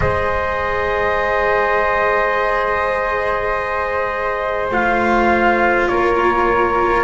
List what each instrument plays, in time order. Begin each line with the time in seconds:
0.00 double bass G#3, cello G#4, flute C5, trumpet D#5
4.70 double bass A3, cello F4, trumpet F5
5.88 double bass A#3, flute A#4, trumpet C#5